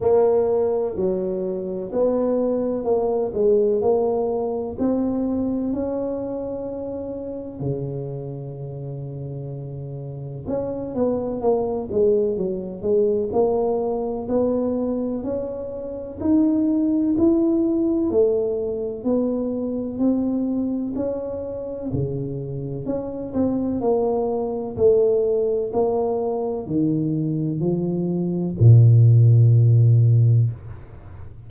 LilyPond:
\new Staff \with { instrumentName = "tuba" } { \time 4/4 \tempo 4 = 63 ais4 fis4 b4 ais8 gis8 | ais4 c'4 cis'2 | cis2. cis'8 b8 | ais8 gis8 fis8 gis8 ais4 b4 |
cis'4 dis'4 e'4 a4 | b4 c'4 cis'4 cis4 | cis'8 c'8 ais4 a4 ais4 | dis4 f4 ais,2 | }